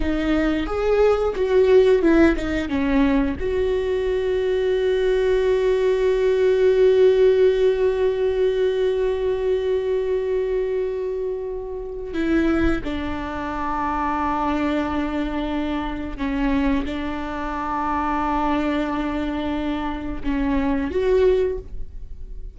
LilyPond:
\new Staff \with { instrumentName = "viola" } { \time 4/4 \tempo 4 = 89 dis'4 gis'4 fis'4 e'8 dis'8 | cis'4 fis'2.~ | fis'1~ | fis'1~ |
fis'2 e'4 d'4~ | d'1 | cis'4 d'2.~ | d'2 cis'4 fis'4 | }